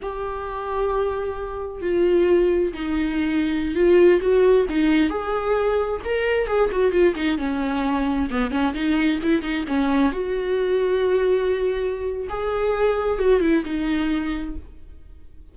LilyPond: \new Staff \with { instrumentName = "viola" } { \time 4/4 \tempo 4 = 132 g'1 | f'2 dis'2~ | dis'16 f'4 fis'4 dis'4 gis'8.~ | gis'4~ gis'16 ais'4 gis'8 fis'8 f'8 dis'16~ |
dis'16 cis'2 b8 cis'8 dis'8.~ | dis'16 e'8 dis'8 cis'4 fis'4.~ fis'16~ | fis'2. gis'4~ | gis'4 fis'8 e'8 dis'2 | }